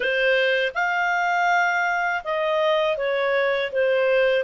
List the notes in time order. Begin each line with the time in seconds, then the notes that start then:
0.00 C5
0.74 F5
2.24 D#5
2.97 C#5
3.72 C5